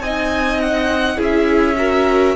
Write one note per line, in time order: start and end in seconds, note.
0.00 1.18 C4
0.00 1.16 D#4
0.00 1.17 D#5
0.00 0.60 G#5
0.61 1.19 F#5
1.16 2.36 C#4
1.16 1.75 E4
1.16 1.76 G#4
1.23 2.36 E5
1.77 2.36 F#4
1.77 2.36 A#4